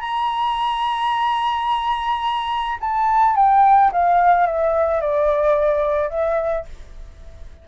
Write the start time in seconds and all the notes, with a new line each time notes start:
0.00 A#5
2.80 A5
3.35 G5
3.92 F5
4.46 E5
5.01 D5
6.09 E5